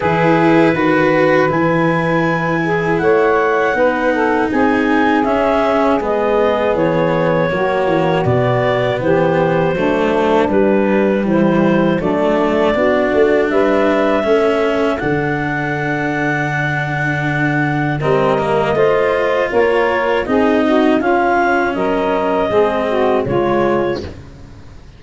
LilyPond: <<
  \new Staff \with { instrumentName = "clarinet" } { \time 4/4 \tempo 4 = 80 b'2 gis''2 | fis''2 gis''4 e''4 | dis''4 cis''2 d''4 | c''2 b'4 c''4 |
d''2 e''2 | fis''1 | dis''2 cis''4 dis''4 | f''4 dis''2 cis''4 | }
  \new Staff \with { instrumentName = "saxophone" } { \time 4/4 gis'4 b'2~ b'8 gis'8 | cis''4 b'8 a'8 gis'2~ | gis'2 fis'2 | g'4 d'2 e'4 |
d'4 fis'4 b'4 a'4~ | a'1 | ais'4 c''4 ais'4 gis'8 fis'8 | f'4 ais'4 gis'8 fis'8 f'4 | }
  \new Staff \with { instrumentName = "cello" } { \time 4/4 e'4 fis'4 e'2~ | e'4 dis'2 cis'4 | b2 ais4 b4~ | b4 a4 g2 |
a4 d'2 cis'4 | d'1 | c'8 ais8 f'2 dis'4 | cis'2 c'4 gis4 | }
  \new Staff \with { instrumentName = "tuba" } { \time 4/4 e4 dis4 e2 | a4 b4 c'4 cis'4 | gis4 e4 fis8 e8 b,4 | e4 fis4 g4 e4 |
fis4 b8 a8 g4 a4 | d1 | g4 a4 ais4 c'4 | cis'4 fis4 gis4 cis4 | }
>>